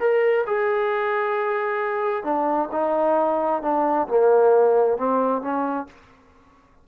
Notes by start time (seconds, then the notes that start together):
0.00 A#4
0.47 G#4
2.24 D4
2.72 D#4
3.62 D4
4.08 A#3
4.97 C4
5.42 C#4